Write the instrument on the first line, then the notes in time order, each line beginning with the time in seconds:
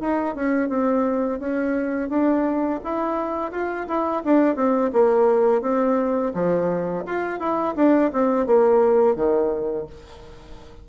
bassoon
0.00 D#4
0.35 C#4
0.69 C4
1.39 C#4
2.09 D4
2.84 E4
3.51 F4
3.87 E4
4.24 D4
4.55 C4
4.93 A#3
5.61 C4
6.34 F3
7.06 F4
7.39 E4
7.76 D4
8.12 C4
8.46 A#3
9.15 D#3